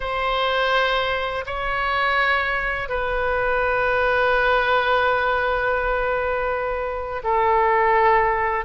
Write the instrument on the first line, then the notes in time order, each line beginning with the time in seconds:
oboe
0.00 C5
1.46 C#5
2.88 B4
7.23 A4